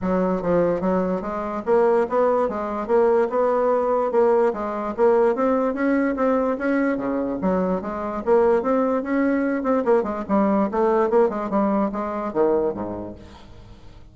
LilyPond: \new Staff \with { instrumentName = "bassoon" } { \time 4/4 \tempo 4 = 146 fis4 f4 fis4 gis4 | ais4 b4 gis4 ais4 | b2 ais4 gis4 | ais4 c'4 cis'4 c'4 |
cis'4 cis4 fis4 gis4 | ais4 c'4 cis'4. c'8 | ais8 gis8 g4 a4 ais8 gis8 | g4 gis4 dis4 gis,4 | }